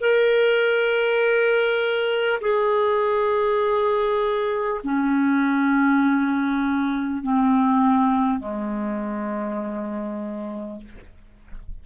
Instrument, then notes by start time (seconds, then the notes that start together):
clarinet
0.00 A#4
2.41 G#4
4.84 C#4
7.23 C4
8.39 G#3